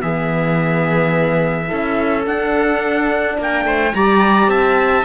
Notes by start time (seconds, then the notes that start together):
0.00 E3 B3 G#4 E5
1.66 C#4 E4 A4
2.26 D4 F#5
3.37 A#3 A#4 G5
3.65 A3 C5
3.94 G3 G4 D5 A#5
4.48 C4 E5 A5